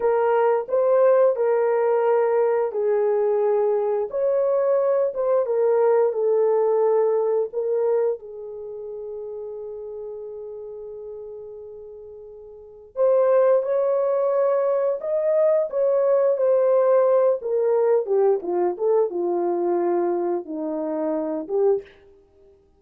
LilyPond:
\new Staff \with { instrumentName = "horn" } { \time 4/4 \tempo 4 = 88 ais'4 c''4 ais'2 | gis'2 cis''4. c''8 | ais'4 a'2 ais'4 | gis'1~ |
gis'2. c''4 | cis''2 dis''4 cis''4 | c''4. ais'4 g'8 f'8 a'8 | f'2 dis'4. g'8 | }